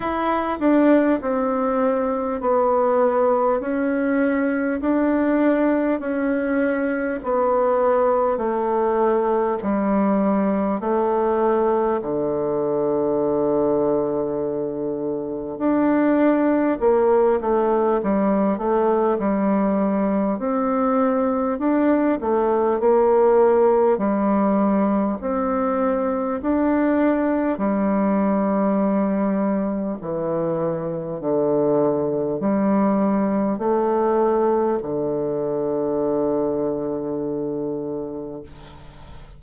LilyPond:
\new Staff \with { instrumentName = "bassoon" } { \time 4/4 \tempo 4 = 50 e'8 d'8 c'4 b4 cis'4 | d'4 cis'4 b4 a4 | g4 a4 d2~ | d4 d'4 ais8 a8 g8 a8 |
g4 c'4 d'8 a8 ais4 | g4 c'4 d'4 g4~ | g4 e4 d4 g4 | a4 d2. | }